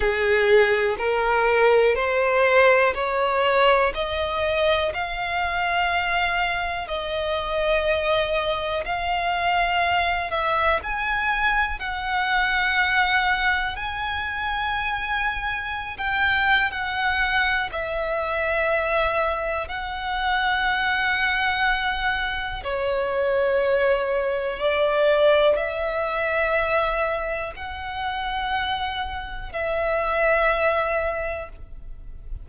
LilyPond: \new Staff \with { instrumentName = "violin" } { \time 4/4 \tempo 4 = 61 gis'4 ais'4 c''4 cis''4 | dis''4 f''2 dis''4~ | dis''4 f''4. e''8 gis''4 | fis''2 gis''2~ |
gis''16 g''8. fis''4 e''2 | fis''2. cis''4~ | cis''4 d''4 e''2 | fis''2 e''2 | }